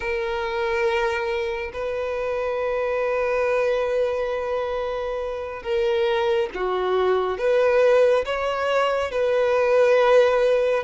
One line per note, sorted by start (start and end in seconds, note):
0.00 1.71 A#4
1.73 5.62 B4
5.62 6.49 A#4
6.54 7.38 F#4
7.38 8.25 B4
8.25 9.11 C#5
9.11 10.83 B4